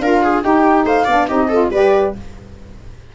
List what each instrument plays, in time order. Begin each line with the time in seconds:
0.00 tuba D4, saxophone F4, viola A#4, flute F5
0.23 viola G#4
0.43 saxophone D#4, tuba D#4, viola G4, flute G5
0.84 tuba A3, viola C5, flute F5
1.05 tuba B3, saxophone D4, viola D5
1.28 tuba C4, saxophone D#4, viola G4, flute D#5
1.49 saxophone F4, viola A4
1.70 tuba G3, saxophone G4, viola B4, flute D5